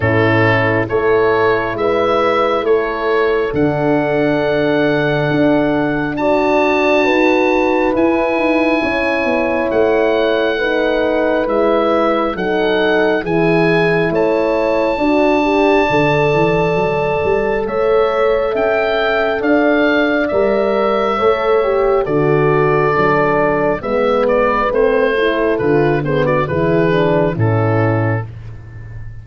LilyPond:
<<
  \new Staff \with { instrumentName = "oboe" } { \time 4/4 \tempo 4 = 68 a'4 cis''4 e''4 cis''4 | fis''2. a''4~ | a''4 gis''2 fis''4~ | fis''4 e''4 fis''4 gis''4 |
a''1 | e''4 g''4 f''4 e''4~ | e''4 d''2 e''8 d''8 | c''4 b'8 c''16 d''16 b'4 a'4 | }
  \new Staff \with { instrumentName = "horn" } { \time 4/4 e'4 a'4 b'4 a'4~ | a'2. d''4 | b'2 cis''2 | b'2 a'4 gis'4 |
cis''4 d''2. | cis''4 e''4 d''2 | cis''4 a'2 b'4~ | b'8 a'4 gis'16 fis'16 gis'4 e'4 | }
  \new Staff \with { instrumentName = "horn" } { \time 4/4 cis'4 e'2. | d'2. fis'4~ | fis'4 e'2. | dis'4 e'4 dis'4 e'4~ |
e'4 fis'8 g'8 a'2~ | a'2. ais'4 | a'8 g'8 fis'4 d'4 b4 | c'8 e'8 f'8 b8 e'8 d'8 cis'4 | }
  \new Staff \with { instrumentName = "tuba" } { \time 4/4 a,4 a4 gis4 a4 | d2 d'2 | dis'4 e'8 dis'8 cis'8 b8 a4~ | a4 gis4 fis4 e4 |
a4 d'4 d8 e8 fis8 g8 | a4 cis'4 d'4 g4 | a4 d4 fis4 gis4 | a4 d4 e4 a,4 | }
>>